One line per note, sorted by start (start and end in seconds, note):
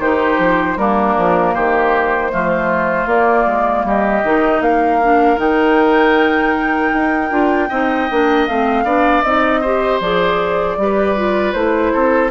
0.00 0.38 D#3
0.00 0.78 D#4
0.00 0.78 G4
0.00 0.78 C5
0.39 0.77 F3
0.77 1.15 G3
0.77 2.31 A#3
0.77 1.55 D4
0.77 1.55 A#4
1.17 1.56 F3
1.55 2.33 D#3
1.55 2.32 G4
1.55 3.09 C5
2.31 3.06 F3
2.31 3.08 A3
2.31 3.87 F4
3.06 3.45 A#3
3.06 4.23 A#3
3.06 3.86 D5
3.47 3.84 G#3
3.84 4.23 G3
3.84 4.63 G4
3.84 4.62 D#5
4.25 4.61 D#3
4.25 5.02 D#4
4.61 5.37 A#3
4.61 7.69 A#4
4.61 5.39 F5
5.02 5.37 D4
5.37 6.92 D#3
5.37 7.29 D#4
5.37 8.48 G5
6.94 7.31 D#4
7.30 7.70 D4
7.30 7.69 F4
7.69 8.09 C4
7.69 8.09 D#4
7.69 8.84 D#5
8.11 8.48 A#3
8.11 8.49 D4
8.48 8.84 A3
8.48 8.85 C4
8.48 9.22 F5
8.84 9.23 B3
8.84 9.24 D4
8.84 9.61 D5
9.22 10.01 C4
9.22 9.64 D#4
9.22 9.99 D#5
9.61 10.03 G4
9.61 10.77 C5
10.01 10.78 F3
10.01 10.79 G#4
10.01 11.53 D5
10.78 11.54 G3
10.78 11.17 G4
10.78 11.93 B4
11.17 11.55 F4
11.53 11.92 A3
11.53 12.31 E4
11.53 12.30 C5
11.93 12.31 C4
11.93 12.31 A4